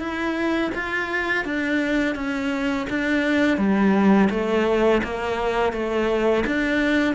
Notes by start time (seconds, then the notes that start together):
0.00 E4
0.75 F4
1.45 D4
2.16 C#4
2.90 D4
3.58 G3
4.30 A3
5.04 A#3
5.73 A3
6.47 D4